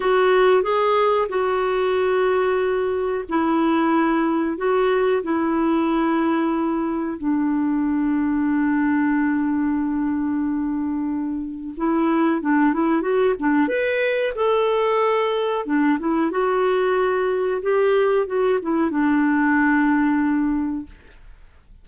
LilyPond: \new Staff \with { instrumentName = "clarinet" } { \time 4/4 \tempo 4 = 92 fis'4 gis'4 fis'2~ | fis'4 e'2 fis'4 | e'2. d'4~ | d'1~ |
d'2 e'4 d'8 e'8 | fis'8 d'8 b'4 a'2 | d'8 e'8 fis'2 g'4 | fis'8 e'8 d'2. | }